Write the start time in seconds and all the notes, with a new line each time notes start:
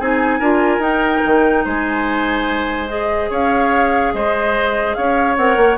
0.00 C4 D#4 G#4 G#5
0.40 D4 F4 A#4
0.79 D#4 G5
1.25 D#3
1.65 G#3 C5 G#5
2.88 G#4 D#5
3.30 C#4 C#5 F5
4.14 G#3 C5 D#5
4.95 C#4 C#5 F5
5.37 C4 A#4 F#5
5.57 A#3